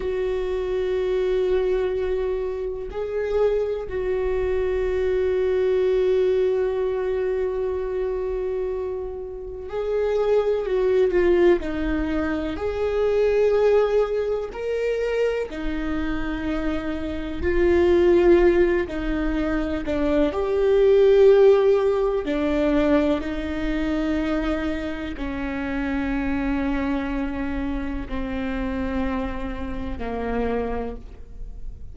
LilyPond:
\new Staff \with { instrumentName = "viola" } { \time 4/4 \tempo 4 = 62 fis'2. gis'4 | fis'1~ | fis'2 gis'4 fis'8 f'8 | dis'4 gis'2 ais'4 |
dis'2 f'4. dis'8~ | dis'8 d'8 g'2 d'4 | dis'2 cis'2~ | cis'4 c'2 ais4 | }